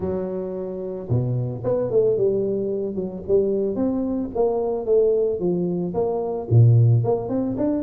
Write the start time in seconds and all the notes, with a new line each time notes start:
0.00 F#3
1.09 B2
1.64 B3
1.90 A3
2.17 G3
2.95 F#3
3.27 G3
3.75 C4
4.34 A#3
4.85 A3
5.39 F3
5.94 A#3
6.50 A#2
7.04 A#3
7.29 C4
7.57 D4